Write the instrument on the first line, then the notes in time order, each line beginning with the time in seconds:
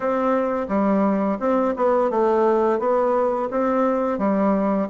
bassoon
0.00 C4
0.68 G3
1.39 C4
1.76 B3
2.10 A3
2.79 B3
3.51 C4
4.18 G3